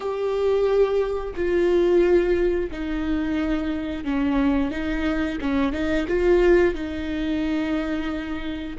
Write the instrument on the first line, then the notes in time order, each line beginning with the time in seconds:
viola
0.00 G4
1.35 F4
2.71 D#4
4.04 C#4
4.70 D#4
5.41 C#4
5.72 D#4
6.08 F4
6.74 D#4